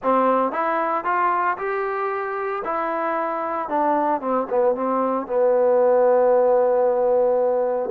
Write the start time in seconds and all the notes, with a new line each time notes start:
0.02 C4
0.52 E4
1.04 F4
1.57 G4
2.64 E4
3.68 D4
4.20 C4
4.49 B3
4.75 C4
5.26 B3